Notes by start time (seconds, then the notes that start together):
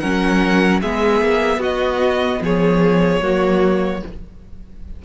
0.00 F#3 C#4 A#4 F#5
0.82 G#3 B3 G#4 E5
1.21 A#3
1.57 B3 F#4 D#5
2.41 F3 G#4 C#5
3.22 F#3 A#3 F#4